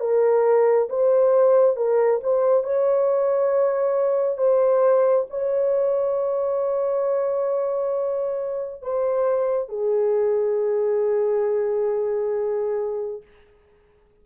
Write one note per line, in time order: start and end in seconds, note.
0.00 0.88 A#4
0.89 1.76 C5
1.76 2.21 A#4
2.23 2.64 C5
2.64 4.38 C#5
4.38 5.26 C5
5.30 8.82 C#5
8.82 9.69 C5
9.69 13.22 G#4